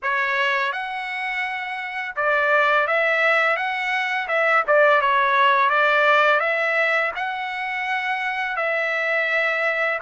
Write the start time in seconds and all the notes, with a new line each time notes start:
0.02 C#5
0.72 F#5
2.16 D5
2.87 E5
3.56 F#5
4.28 E5
4.67 D5
5.01 C#5
5.69 D5
6.40 E5
7.15 F#5
8.56 E5